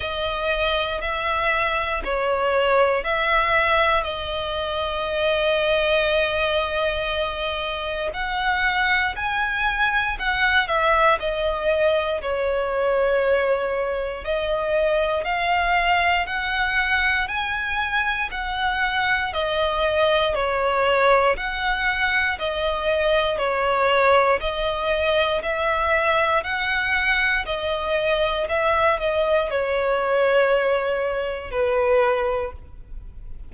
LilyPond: \new Staff \with { instrumentName = "violin" } { \time 4/4 \tempo 4 = 59 dis''4 e''4 cis''4 e''4 | dis''1 | fis''4 gis''4 fis''8 e''8 dis''4 | cis''2 dis''4 f''4 |
fis''4 gis''4 fis''4 dis''4 | cis''4 fis''4 dis''4 cis''4 | dis''4 e''4 fis''4 dis''4 | e''8 dis''8 cis''2 b'4 | }